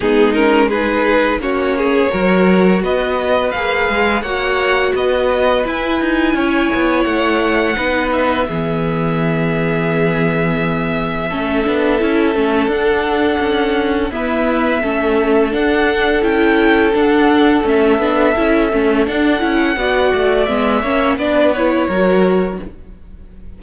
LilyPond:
<<
  \new Staff \with { instrumentName = "violin" } { \time 4/4 \tempo 4 = 85 gis'8 ais'8 b'4 cis''2 | dis''4 f''4 fis''4 dis''4 | gis''2 fis''4. e''8~ | e''1~ |
e''2 fis''2 | e''2 fis''4 g''4 | fis''4 e''2 fis''4~ | fis''4 e''4 d''8 cis''4. | }
  \new Staff \with { instrumentName = "violin" } { \time 4/4 dis'4 gis'4 fis'8 gis'8 ais'4 | b'2 cis''4 b'4~ | b'4 cis''2 b'4 | gis'1 |
a'1 | b'4 a'2.~ | a'1 | d''4. cis''8 b'4 ais'4 | }
  \new Staff \with { instrumentName = "viola" } { \time 4/4 b8 cis'8 dis'4 cis'4 fis'4~ | fis'4 gis'4 fis'2 | e'2. dis'4 | b1 |
cis'8 d'8 e'8 cis'8 d'2 | b4 cis'4 d'4 e'4 | d'4 cis'8 d'8 e'8 cis'8 d'8 e'8 | fis'4 b8 cis'8 d'8 e'8 fis'4 | }
  \new Staff \with { instrumentName = "cello" } { \time 4/4 gis2 ais4 fis4 | b4 ais8 gis8 ais4 b4 | e'8 dis'8 cis'8 b8 a4 b4 | e1 |
a8 b8 cis'8 a8 d'4 cis'4 | e'4 a4 d'4 cis'4 | d'4 a8 b8 cis'8 a8 d'8 cis'8 | b8 a8 gis8 ais8 b4 fis4 | }
>>